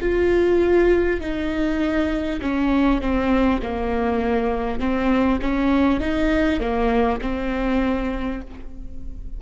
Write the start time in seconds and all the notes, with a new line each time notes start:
0.00 F4
1.20 D#4
2.41 C#4
3.01 C4
3.62 A#3
4.79 C4
5.41 C#4
5.99 D#4
6.59 A#3
7.21 C4